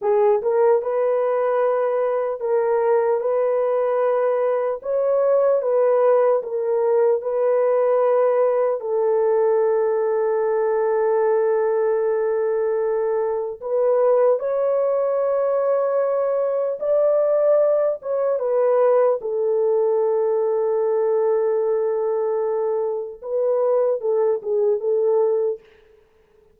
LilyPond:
\new Staff \with { instrumentName = "horn" } { \time 4/4 \tempo 4 = 75 gis'8 ais'8 b'2 ais'4 | b'2 cis''4 b'4 | ais'4 b'2 a'4~ | a'1~ |
a'4 b'4 cis''2~ | cis''4 d''4. cis''8 b'4 | a'1~ | a'4 b'4 a'8 gis'8 a'4 | }